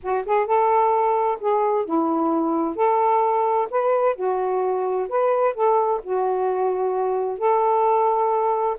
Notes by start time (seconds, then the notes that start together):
0.02 F#4
0.25 G#4
0.46 A4
1.40 G#4
1.85 E4
2.75 A4
3.70 B4
4.15 F#4
5.09 B4
5.54 A4
6.03 F#4
7.38 A4